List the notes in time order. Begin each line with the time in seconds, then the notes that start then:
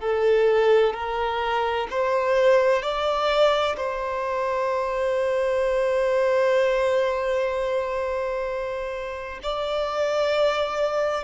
0.00 A4
0.93 A#4
1.90 C5
2.82 D5
3.76 C5
9.43 D5